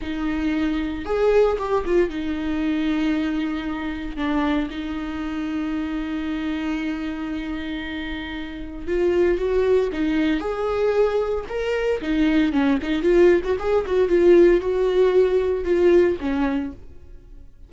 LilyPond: \new Staff \with { instrumentName = "viola" } { \time 4/4 \tempo 4 = 115 dis'2 gis'4 g'8 f'8 | dis'1 | d'4 dis'2.~ | dis'1~ |
dis'4 f'4 fis'4 dis'4 | gis'2 ais'4 dis'4 | cis'8 dis'8 f'8. fis'16 gis'8 fis'8 f'4 | fis'2 f'4 cis'4 | }